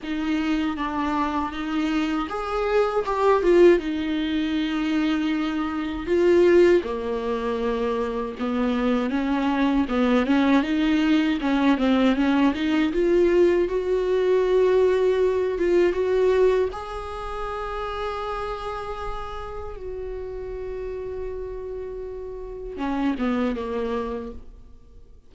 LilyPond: \new Staff \with { instrumentName = "viola" } { \time 4/4 \tempo 4 = 79 dis'4 d'4 dis'4 gis'4 | g'8 f'8 dis'2. | f'4 ais2 b4 | cis'4 b8 cis'8 dis'4 cis'8 c'8 |
cis'8 dis'8 f'4 fis'2~ | fis'8 f'8 fis'4 gis'2~ | gis'2 fis'2~ | fis'2 cis'8 b8 ais4 | }